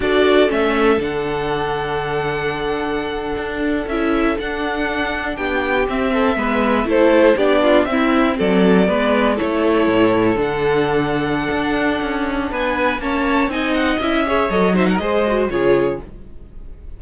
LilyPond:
<<
  \new Staff \with { instrumentName = "violin" } { \time 4/4 \tempo 4 = 120 d''4 e''4 fis''2~ | fis''2.~ fis''8. e''16~ | e''8. fis''2 g''4 e''16~ | e''4.~ e''16 c''4 d''4 e''16~ |
e''8. d''2 cis''4~ cis''16~ | cis''8. fis''2.~ fis''16~ | fis''4 gis''4 a''4 gis''8 fis''8 | e''4 dis''8 e''16 fis''16 dis''4 cis''4 | }
  \new Staff \with { instrumentName = "violin" } { \time 4/4 a'1~ | a'1~ | a'2~ a'8. g'4~ g'16~ | g'16 a'8 b'4 a'4 g'8 f'8 e'16~ |
e'8. a'4 b'4 a'4~ a'16~ | a'1~ | a'4 b'4 cis''4 dis''4~ | dis''8 cis''4 c''16 ais'16 c''4 gis'4 | }
  \new Staff \with { instrumentName = "viola" } { \time 4/4 fis'4 cis'4 d'2~ | d'2.~ d'8. e'16~ | e'8. d'2. c'16~ | c'8. b4 e'4 d'4 c'16~ |
c'4.~ c'16 b4 e'4~ e'16~ | e'8. d'2.~ d'16~ | d'2 cis'4 dis'4 | e'8 gis'8 a'8 dis'8 gis'8 fis'8 f'4 | }
  \new Staff \with { instrumentName = "cello" } { \time 4/4 d'4 a4 d2~ | d2~ d8. d'4 cis'16~ | cis'8. d'2 b4 c'16~ | c'8. gis4 a4 b4 c'16~ |
c'8. fis4 gis4 a4 a,16~ | a,8. d2~ d16 d'4 | cis'4 b4 ais4 c'4 | cis'4 fis4 gis4 cis4 | }
>>